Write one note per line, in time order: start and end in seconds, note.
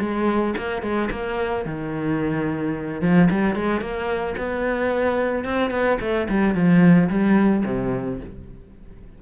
0.00 0.55 G#3
0.57 0.82 A#3
0.82 1.09 G#3
1.11 1.65 A#3
1.65 3.01 D#3
3.01 3.28 F3
3.30 3.55 G3
3.55 3.81 G#3
3.81 4.35 A#3
4.37 5.44 B3
5.44 5.70 C4
5.70 5.98 B3
6.00 6.28 A3
6.29 6.54 G3
6.54 7.09 F3
7.09 7.64 G3
7.65 8.20 C3